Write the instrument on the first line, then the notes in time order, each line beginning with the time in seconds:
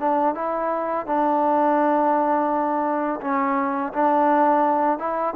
trombone
0.00 D4
0.35 E4
1.06 D4
3.21 C#4
3.93 D4
4.99 E4